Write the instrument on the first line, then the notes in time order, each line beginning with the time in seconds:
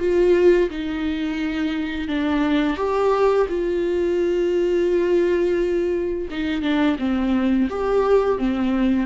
viola
0.00 F4
0.70 D#4
2.08 D4
2.77 G4
3.49 F4
6.31 D#4
6.62 D4
6.99 C4
7.70 G4
8.38 C4